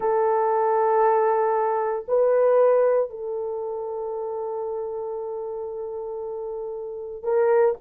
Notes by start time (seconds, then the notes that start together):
0.00 A4
2.07 B4
3.09 A4
7.23 A#4